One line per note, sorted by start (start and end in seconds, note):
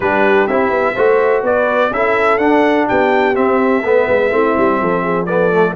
0.00 0.45 G3
0.00 0.49 D4
0.00 0.94 G4
0.00 0.47 B4
0.47 0.70 C4
0.47 0.96 E4
0.47 1.43 E5
0.70 0.94 B3
0.94 1.43 A3
0.94 1.92 F#4
0.94 1.42 C5
1.43 1.90 B3
1.43 1.91 B4
1.43 1.93 D5
1.90 2.38 C#4
1.90 2.40 E4
1.90 2.88 A4
1.90 2.38 E5
2.38 2.86 D4
2.38 3.35 D4
2.38 2.86 F#5
2.88 3.37 B3
2.88 3.84 G4
2.88 3.35 G5
3.35 3.83 C4
3.35 5.25 E5
3.83 4.07 A3
3.83 4.30 B3
3.83 4.32 B4
4.08 4.31 G#3
4.30 4.55 A3
4.30 5.26 C4
4.30 4.80 E4
4.57 4.81 G3
4.80 5.76 F3
4.80 5.02 A4
5.02 5.26 G#4
5.25 5.51 B3
5.25 5.74 A4
5.25 5.74 D5
5.51 5.75 A3